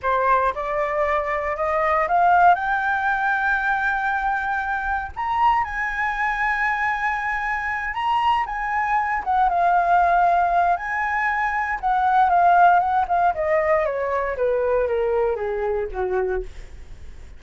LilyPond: \new Staff \with { instrumentName = "flute" } { \time 4/4 \tempo 4 = 117 c''4 d''2 dis''4 | f''4 g''2.~ | g''2 ais''4 gis''4~ | gis''2.~ gis''8 ais''8~ |
ais''8 gis''4. fis''8 f''4.~ | f''4 gis''2 fis''4 | f''4 fis''8 f''8 dis''4 cis''4 | b'4 ais'4 gis'4 fis'4 | }